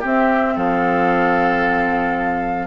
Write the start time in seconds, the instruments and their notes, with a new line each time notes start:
0.00 clarinet C4, bassoon C4, oboe G4
0.06 flute E5
0.56 bassoon F3, oboe A4, flute F5